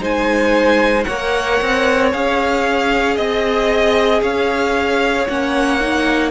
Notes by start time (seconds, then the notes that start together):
0.00 G#3 D#4 C5 G#5
1.04 A#3 A#4 C#5 F#5
1.62 C4
2.13 C#4 G#4 F5
3.16 C4 D#5
4.22 C#4 C#5 F5
5.28 A#3 C#4 F#5
5.81 D#4